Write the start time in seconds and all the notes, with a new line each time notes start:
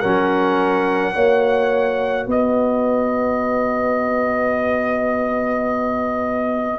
0.00 F#3 C#4 A#4 F#5
1.15 A#3 F#4 C#5
2.27 B3 B4 D#5